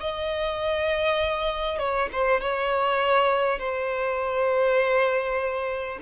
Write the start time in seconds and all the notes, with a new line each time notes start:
0.00 D#5
1.79 C#5
2.12 C5
2.41 C#5
3.59 C5